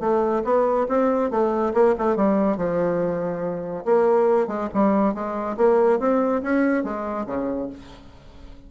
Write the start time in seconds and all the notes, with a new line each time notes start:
0.00 A3
0.44 B3
0.89 C4
1.31 A3
1.74 A#3
1.98 A3
2.16 G3
2.57 F3
3.85 A#3
4.48 G#3
4.74 G3
5.14 G#3
5.57 A#3
5.99 C4
6.43 C#4
6.84 G#3
7.27 C#3